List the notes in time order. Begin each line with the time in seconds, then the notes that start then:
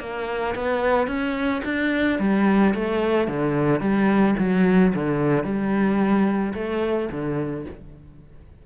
0.00 A#3
0.55 B3
1.07 C#4
1.64 D4
2.19 G3
2.74 A3
3.27 D3
3.80 G3
4.39 F#3
4.94 D3
5.44 G3
6.54 A3
7.11 D3